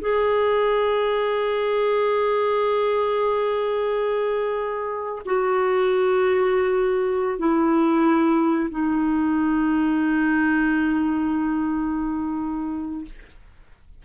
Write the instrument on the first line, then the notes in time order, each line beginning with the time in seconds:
clarinet
0.00 G#4
5.25 F#4
7.38 E4
8.70 D#4